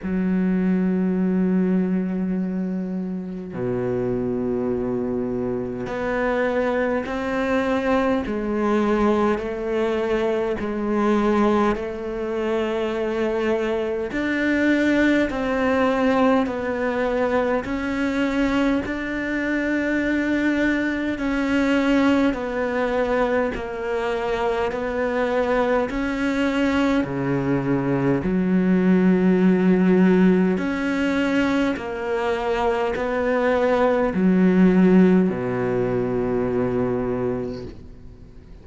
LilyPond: \new Staff \with { instrumentName = "cello" } { \time 4/4 \tempo 4 = 51 fis2. b,4~ | b,4 b4 c'4 gis4 | a4 gis4 a2 | d'4 c'4 b4 cis'4 |
d'2 cis'4 b4 | ais4 b4 cis'4 cis4 | fis2 cis'4 ais4 | b4 fis4 b,2 | }